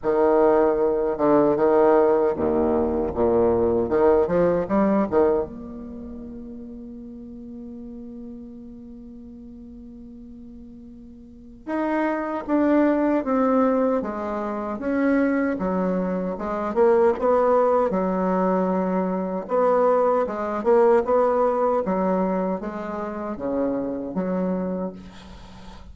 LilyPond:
\new Staff \with { instrumentName = "bassoon" } { \time 4/4 \tempo 4 = 77 dis4. d8 dis4 dis,4 | ais,4 dis8 f8 g8 dis8 ais4~ | ais1~ | ais2. dis'4 |
d'4 c'4 gis4 cis'4 | fis4 gis8 ais8 b4 fis4~ | fis4 b4 gis8 ais8 b4 | fis4 gis4 cis4 fis4 | }